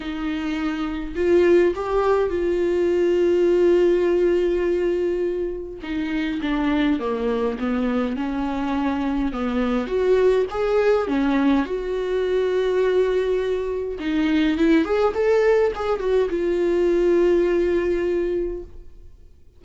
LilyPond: \new Staff \with { instrumentName = "viola" } { \time 4/4 \tempo 4 = 103 dis'2 f'4 g'4 | f'1~ | f'2 dis'4 d'4 | ais4 b4 cis'2 |
b4 fis'4 gis'4 cis'4 | fis'1 | dis'4 e'8 gis'8 a'4 gis'8 fis'8 | f'1 | }